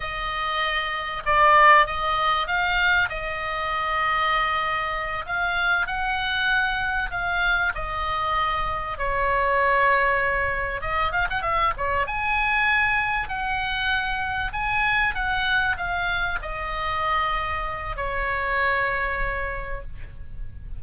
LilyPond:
\new Staff \with { instrumentName = "oboe" } { \time 4/4 \tempo 4 = 97 dis''2 d''4 dis''4 | f''4 dis''2.~ | dis''8 f''4 fis''2 f''8~ | f''8 dis''2 cis''4.~ |
cis''4. dis''8 f''16 fis''16 e''8 cis''8 gis''8~ | gis''4. fis''2 gis''8~ | gis''8 fis''4 f''4 dis''4.~ | dis''4 cis''2. | }